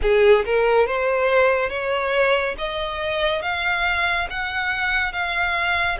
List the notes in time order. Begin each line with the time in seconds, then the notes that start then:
0.02 G#4
0.45 A#4
0.86 C5
1.69 C#5
2.58 D#5
3.42 F5
4.29 F#5
5.12 F5